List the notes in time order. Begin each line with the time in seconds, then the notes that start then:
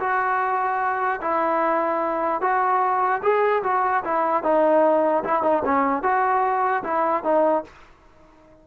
0.00 F#4
1.22 E4
2.41 F#4
3.23 G#4
3.64 F#4
4.04 E4
4.43 D#4
5.24 E4
5.43 D#4
5.65 C#4
6.03 F#4
6.84 E4
7.24 D#4